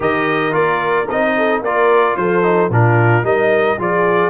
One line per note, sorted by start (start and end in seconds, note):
0.00 0.53 D#3
0.00 0.51 G4
0.00 1.35 A#4
0.00 0.54 D#5
0.51 1.07 A#3
0.51 1.05 F4
0.51 1.08 D5
1.09 1.61 C4
1.09 1.64 D#4
1.09 1.63 D#5
1.37 1.62 A4
1.61 2.15 A#3
1.61 2.42 F4
1.61 2.16 A#4
1.61 2.16 D5
2.16 2.69 F3
2.16 2.71 A4
2.16 2.70 C5
2.42 2.69 D#4
2.69 3.23 A#2
2.69 3.23 D4
2.69 3.24 F4
2.69 3.25 A#4
3.23 3.77 G3
3.23 3.77 D#4
3.23 3.78 A#4
3.23 3.79 D#5
3.78 4.30 F3
3.78 4.30 F4
3.78 4.30 G#4
3.78 4.30 D5